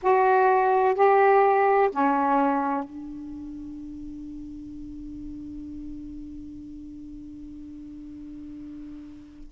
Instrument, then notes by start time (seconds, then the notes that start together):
saxophone
0.02 F#4
0.94 G4
1.92 C#4
2.83 D4